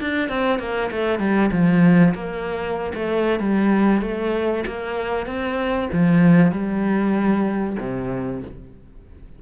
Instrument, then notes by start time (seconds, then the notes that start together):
cello
0.00 D4
0.29 C4
0.59 A#3
0.91 A3
1.19 G3
1.51 F3
2.14 A#3
2.94 A3
3.39 G3
4.01 A3
4.66 A#3
5.26 C4
5.92 F3
6.51 G3
7.79 C3